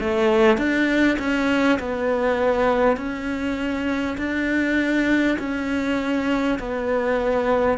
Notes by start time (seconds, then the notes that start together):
0.00 A3
0.58 D4
1.19 C#4
1.79 B3
2.97 C#4
4.17 D4
5.39 C#4
6.59 B3